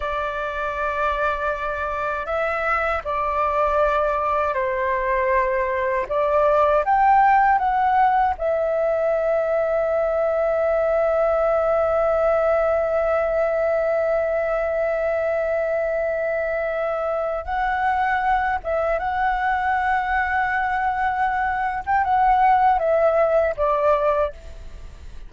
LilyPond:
\new Staff \with { instrumentName = "flute" } { \time 4/4 \tempo 4 = 79 d''2. e''4 | d''2 c''2 | d''4 g''4 fis''4 e''4~ | e''1~ |
e''1~ | e''2. fis''4~ | fis''8 e''8 fis''2.~ | fis''8. g''16 fis''4 e''4 d''4 | }